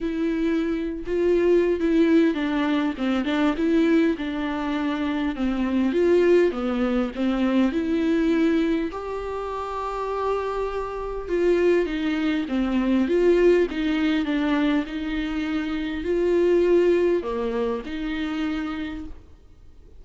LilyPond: \new Staff \with { instrumentName = "viola" } { \time 4/4 \tempo 4 = 101 e'4.~ e'16 f'4~ f'16 e'4 | d'4 c'8 d'8 e'4 d'4~ | d'4 c'4 f'4 b4 | c'4 e'2 g'4~ |
g'2. f'4 | dis'4 c'4 f'4 dis'4 | d'4 dis'2 f'4~ | f'4 ais4 dis'2 | }